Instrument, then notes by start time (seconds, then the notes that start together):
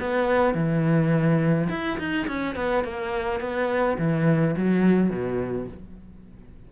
cello
0.00 B3
0.55 E3
1.70 E4
1.99 D#4
2.28 C#4
2.56 B3
2.84 A#3
3.41 B3
3.98 E3
4.56 F#3
5.10 B2